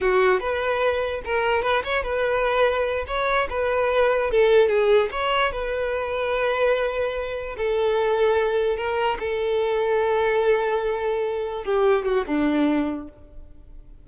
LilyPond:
\new Staff \with { instrumentName = "violin" } { \time 4/4 \tempo 4 = 147 fis'4 b'2 ais'4 | b'8 cis''8 b'2~ b'8 cis''8~ | cis''8 b'2 a'4 gis'8~ | gis'8 cis''4 b'2~ b'8~ |
b'2~ b'8 a'4.~ | a'4. ais'4 a'4.~ | a'1~ | a'8 g'4 fis'8 d'2 | }